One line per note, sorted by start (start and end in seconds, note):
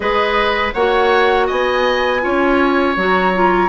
0.00 0.72 G#3
0.00 0.72 G#4
0.00 0.74 B4
0.00 0.72 D#5
0.73 1.48 A#3
0.73 2.21 F#4
0.73 1.46 C#5
0.73 1.47 F#5
1.46 2.25 B3
1.46 2.20 D#5
1.46 2.96 G#5
2.21 2.96 C#4
2.21 2.95 F4
2.21 3.68 C#5
2.96 3.68 F#3
2.96 3.34 F#4
2.96 3.68 A#5
3.34 3.68 F4